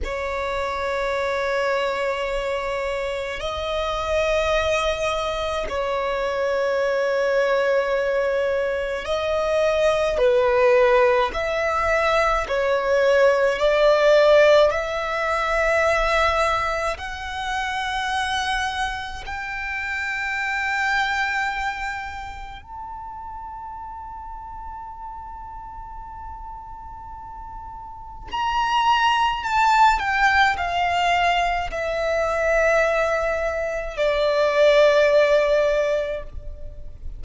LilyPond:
\new Staff \with { instrumentName = "violin" } { \time 4/4 \tempo 4 = 53 cis''2. dis''4~ | dis''4 cis''2. | dis''4 b'4 e''4 cis''4 | d''4 e''2 fis''4~ |
fis''4 g''2. | a''1~ | a''4 ais''4 a''8 g''8 f''4 | e''2 d''2 | }